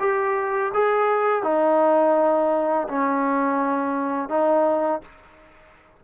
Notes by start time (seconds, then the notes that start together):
0.00 G4
0.74 G#4
1.43 D#4
2.89 C#4
4.29 D#4